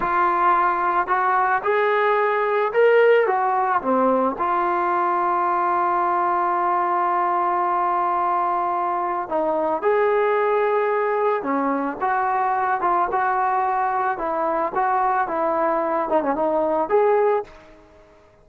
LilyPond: \new Staff \with { instrumentName = "trombone" } { \time 4/4 \tempo 4 = 110 f'2 fis'4 gis'4~ | gis'4 ais'4 fis'4 c'4 | f'1~ | f'1~ |
f'4 dis'4 gis'2~ | gis'4 cis'4 fis'4. f'8 | fis'2 e'4 fis'4 | e'4. dis'16 cis'16 dis'4 gis'4 | }